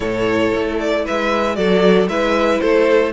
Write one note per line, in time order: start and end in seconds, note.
0.00 0.52 A2
0.00 1.55 E4
0.00 1.03 A4
0.00 0.77 C#5
0.54 1.06 A3
0.79 1.05 D5
1.04 1.57 G#3
1.04 1.56 B4
1.04 1.55 E5
1.55 2.08 F#3
1.55 2.07 F#4
1.55 2.09 A4
1.55 2.07 D5
2.08 2.60 G#3
2.08 3.12 E4
2.08 2.61 B4
2.08 2.60 E5
2.60 3.12 A3
2.60 3.12 A4
2.60 3.12 C5